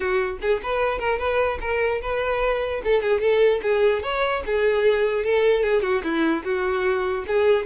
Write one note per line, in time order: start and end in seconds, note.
0.00 0.38 F#4
0.41 0.61 G#4
0.62 0.99 B4
0.99 1.18 A#4
1.18 1.59 B4
1.60 2.01 A#4
2.01 2.82 B4
2.84 3.02 A4
3.02 3.20 G#4
3.20 3.61 A4
3.62 4.02 G#4
4.02 4.43 C#5
4.46 5.24 G#4
5.24 5.63 A4
5.63 5.82 G#4
5.82 6.02 F#4
6.03 6.43 E4
6.44 7.25 F#4
7.27 7.65 G#4